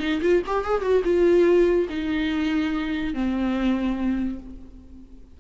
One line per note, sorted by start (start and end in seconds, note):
0.00 0.21 D#4
0.22 0.42 F4
0.46 0.65 G4
0.65 0.82 G#4
0.82 1.03 F#4
1.04 1.88 F4
1.89 3.14 D#4
3.14 4.39 C4